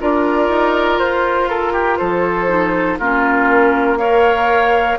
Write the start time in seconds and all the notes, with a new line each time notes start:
0.00 D4 F4 A#4 D5
0.49 D#4
0.99 F4 C5
1.49 A4 A#4
1.73 G4
1.98 F3 A4 C5
2.49 D#4
2.99 A#3 C#4 F4 A#4
3.98 A#4 C#5 F5